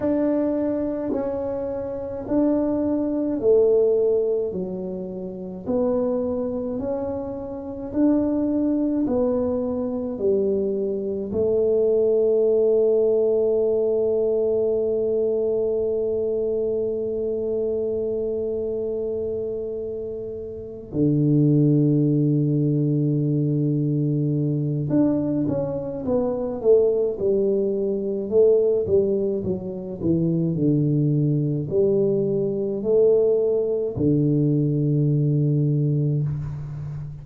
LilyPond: \new Staff \with { instrumentName = "tuba" } { \time 4/4 \tempo 4 = 53 d'4 cis'4 d'4 a4 | fis4 b4 cis'4 d'4 | b4 g4 a2~ | a1~ |
a2~ a8 d4.~ | d2 d'8 cis'8 b8 a8 | g4 a8 g8 fis8 e8 d4 | g4 a4 d2 | }